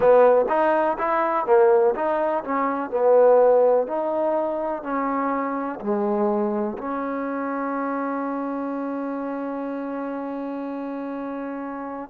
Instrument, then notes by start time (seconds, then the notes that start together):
trombone
0.00 B3
0.48 D#4
0.98 E4
1.46 A#3
1.95 D#4
2.44 C#4
2.90 B3
3.87 D#4
4.83 C#4
5.80 G#3
6.77 C#4